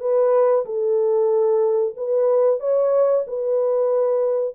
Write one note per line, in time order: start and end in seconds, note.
0.00 0.65 B4
0.65 1.94 A4
1.96 2.60 B4
2.60 3.24 C#5
3.27 4.55 B4